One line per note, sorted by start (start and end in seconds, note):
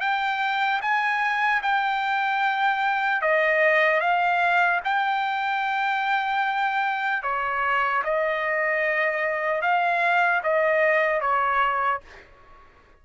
0.00 0.80 G5
0.81 1.61 G#5
1.62 3.21 G5
3.21 4.00 D#5
4.00 4.80 F5
4.84 7.23 G5
7.23 8.03 C#5
8.04 9.61 D#5
9.61 10.41 F5
10.43 11.20 D#5
11.20 12.00 C#5